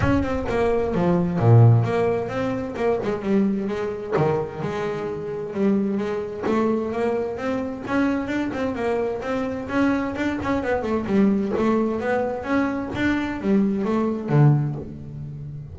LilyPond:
\new Staff \with { instrumentName = "double bass" } { \time 4/4 \tempo 4 = 130 cis'8 c'8 ais4 f4 ais,4 | ais4 c'4 ais8 gis8 g4 | gis4 dis4 gis2 | g4 gis4 a4 ais4 |
c'4 cis'4 d'8 c'8 ais4 | c'4 cis'4 d'8 cis'8 b8 a8 | g4 a4 b4 cis'4 | d'4 g4 a4 d4 | }